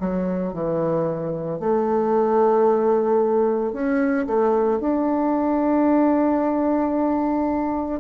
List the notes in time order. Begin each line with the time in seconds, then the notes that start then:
0.00 F#3
0.53 E3
1.60 A3
3.73 C#4
4.27 A3
4.80 D4